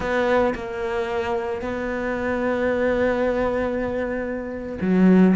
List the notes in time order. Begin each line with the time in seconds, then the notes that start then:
0.00 B3
0.54 A#3
1.61 B3
4.81 F#3